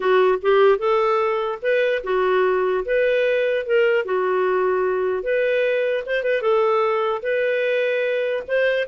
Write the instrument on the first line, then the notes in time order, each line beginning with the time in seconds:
clarinet
0.00 F#4
0.41 G4
0.78 A4
1.62 B4
2.03 F#4
2.85 B4
3.66 A#4
4.05 F#4
5.23 B4
6.06 C5
6.23 B4
6.41 A4
7.22 B4
8.47 C5